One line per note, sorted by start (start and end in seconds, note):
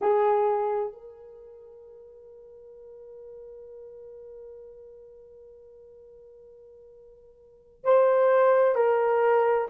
0.01 0.93 G#4
0.93 7.84 A#4
7.84 8.75 C5
8.75 9.67 A#4